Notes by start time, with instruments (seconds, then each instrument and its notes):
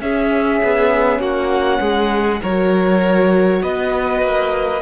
0.00 cello C#4, horn C#4, violin G#4 E5
0.63 cello B3
1.19 cello A#3, violin F#4 F#5
1.80 cello G#3, violin G#4
2.41 cello F#3, horn F#4, violin A#4 C#5
3.62 cello B3, violin B4 D#5
4.21 cello A#3